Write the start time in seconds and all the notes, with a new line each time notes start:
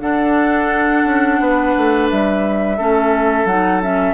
0.00 D4 A4 F#5
1.05 C#4
1.39 B3 B4
1.77 A3
2.11 G3 E5
2.78 A3 C#4 A4
3.45 F#3 D#4 F#5
3.82 C#4 E5